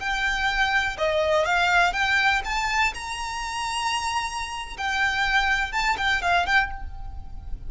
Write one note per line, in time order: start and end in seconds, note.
0.00 0.98 G5
0.98 1.46 D#5
1.46 1.93 F5
1.93 2.42 G5
2.45 2.94 A5
2.95 4.78 A#5
4.78 5.73 G5
5.73 5.97 A5
5.98 6.22 G5
6.22 6.47 F5
6.47 6.71 G5